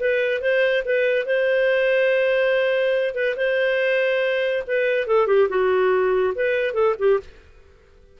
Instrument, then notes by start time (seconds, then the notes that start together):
clarinet
0.00 B4
0.41 C5
0.85 B4
1.26 C5
3.15 B4
3.37 C5
4.67 B4
5.07 A4
5.27 G4
5.49 F#4
6.35 B4
6.74 A4
6.99 G4